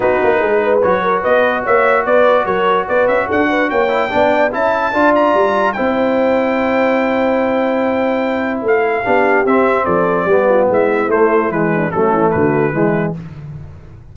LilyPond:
<<
  \new Staff \with { instrumentName = "trumpet" } { \time 4/4 \tempo 4 = 146 b'2 cis''4 dis''4 | e''4 d''4 cis''4 d''8 e''8 | fis''4 g''2 a''4~ | a''8 ais''4. g''2~ |
g''1~ | g''4 f''2 e''4 | d''2 e''4 c''4 | b'4 a'4 b'2 | }
  \new Staff \with { instrumentName = "horn" } { \time 4/4 fis'4 gis'8 b'4 ais'8 b'4 | cis''4 b'4 ais'4 b'4 | a'8 b'8 cis''4 d''4 e''4 | d''2 c''2~ |
c''1~ | c''2 g'2 | a'4 g'8 f'8 e'2~ | e'8 d'8 cis'4 fis'4 e'4 | }
  \new Staff \with { instrumentName = "trombone" } { \time 4/4 dis'2 fis'2~ | fis'1~ | fis'4. e'8 d'4 e'4 | f'2 e'2~ |
e'1~ | e'2 d'4 c'4~ | c'4 b2 a4 | gis4 a2 gis4 | }
  \new Staff \with { instrumentName = "tuba" } { \time 4/4 b8 ais8 gis4 fis4 b4 | ais4 b4 fis4 b8 cis'8 | d'4 ais4 b4 cis'4 | d'4 g4 c'2~ |
c'1~ | c'4 a4 b4 c'4 | f4 g4 gis4 a4 | e4 fis8 e8 d4 e4 | }
>>